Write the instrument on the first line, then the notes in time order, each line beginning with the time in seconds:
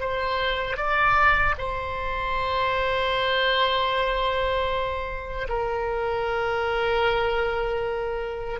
oboe
0.00 C5
0.77 D5
1.58 C5
5.49 A#4